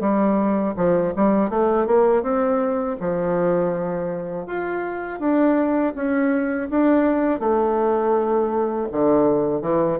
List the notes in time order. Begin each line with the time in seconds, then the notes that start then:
0.00 G3
0.76 F3
1.16 G3
1.50 A3
1.86 A#3
2.22 C4
3.00 F3
4.46 F4
5.20 D4
5.95 C#4
6.70 D4
7.39 A3
8.92 D3
9.61 E3